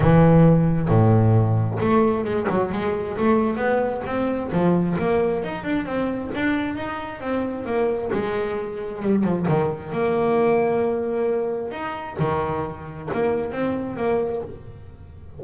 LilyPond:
\new Staff \with { instrumentName = "double bass" } { \time 4/4 \tempo 4 = 133 e2 a,2 | a4 gis8 fis8 gis4 a4 | b4 c'4 f4 ais4 | dis'8 d'8 c'4 d'4 dis'4 |
c'4 ais4 gis2 | g8 f8 dis4 ais2~ | ais2 dis'4 dis4~ | dis4 ais4 c'4 ais4 | }